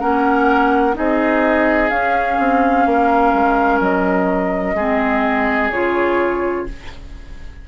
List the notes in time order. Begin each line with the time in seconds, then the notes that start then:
0.00 A#3 C#4 A#4 F#5
0.94 C4 D#4 G#4 D#5
1.90 C#4 F5
2.39 C4
2.86 A#3 A#4
3.34 G#3
3.80 F#3 D#5
4.75 G#3 C4 G#4
5.71 C#3 F4 C#5